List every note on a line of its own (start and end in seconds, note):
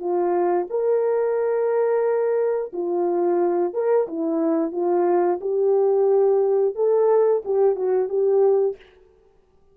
0.00 0.67 F4
0.70 2.73 A#4
2.73 3.74 F4
3.74 4.08 A#4
4.08 4.73 E4
4.73 5.40 F4
5.41 6.76 G4
6.76 7.43 A4
7.45 7.76 G4
7.76 8.09 F#4
8.09 8.76 G4